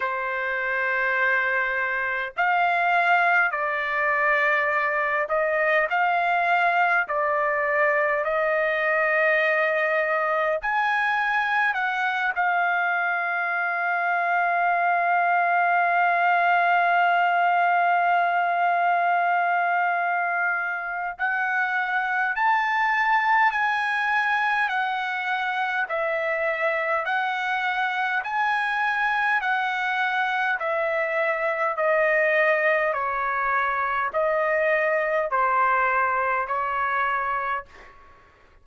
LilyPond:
\new Staff \with { instrumentName = "trumpet" } { \time 4/4 \tempo 4 = 51 c''2 f''4 d''4~ | d''8 dis''8 f''4 d''4 dis''4~ | dis''4 gis''4 fis''8 f''4.~ | f''1~ |
f''2 fis''4 a''4 | gis''4 fis''4 e''4 fis''4 | gis''4 fis''4 e''4 dis''4 | cis''4 dis''4 c''4 cis''4 | }